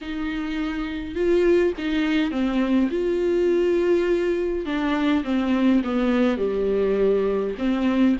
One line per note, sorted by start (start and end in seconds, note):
0.01 1.15 D#4
1.15 1.73 F4
1.78 2.31 D#4
2.31 2.89 C4
2.90 4.65 F4
4.65 5.23 D4
5.24 5.82 C4
5.84 6.37 B3
6.37 7.54 G3
7.58 8.16 C4